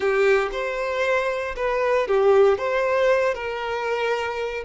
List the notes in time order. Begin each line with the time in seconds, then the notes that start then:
0.00 G4
0.51 C5
1.56 B4
2.07 G4
2.58 C5
3.34 A#4